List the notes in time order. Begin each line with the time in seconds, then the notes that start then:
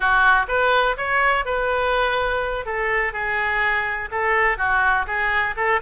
0.00 F#4
0.48 B4
0.97 C#5
1.45 B4
2.65 A4
3.13 G#4
4.11 A4
4.57 F#4
5.07 G#4
5.56 A4